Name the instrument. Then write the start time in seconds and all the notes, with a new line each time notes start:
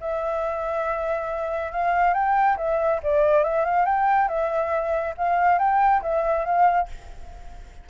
flute
0.00 E5
1.72 F5
2.13 G5
2.57 E5
3.03 D5
3.44 E5
3.65 F5
3.85 G5
4.28 E5
5.17 F5
5.59 G5
6.02 E5
6.45 F5